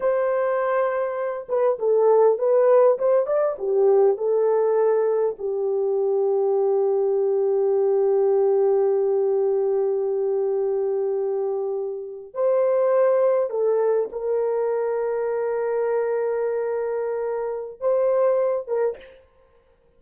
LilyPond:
\new Staff \with { instrumentName = "horn" } { \time 4/4 \tempo 4 = 101 c''2~ c''8 b'8 a'4 | b'4 c''8 d''8 g'4 a'4~ | a'4 g'2.~ | g'1~ |
g'1~ | g'8. c''2 a'4 ais'16~ | ais'1~ | ais'2 c''4. ais'8 | }